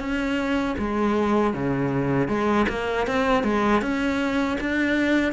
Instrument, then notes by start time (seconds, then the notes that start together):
cello
0.00 C#4
0.78 G#3
1.54 C#3
2.28 G#3
2.69 A#3
3.07 C4
3.44 G#3
3.82 C#4
4.61 D4